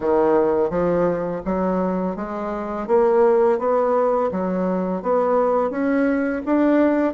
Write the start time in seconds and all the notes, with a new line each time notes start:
0.00 D#3
0.69 F3
1.45 F#3
2.16 G#3
2.87 A#3
3.58 B3
4.31 F#3
5.02 B3
5.70 C#4
6.45 D4